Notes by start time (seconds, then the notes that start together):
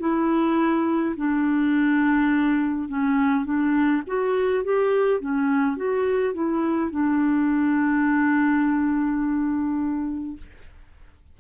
0.00 E4
1.17 D4
2.89 C#4
3.45 D4
4.07 F#4
4.64 G4
5.21 C#4
5.76 F#4
6.34 E4
6.91 D4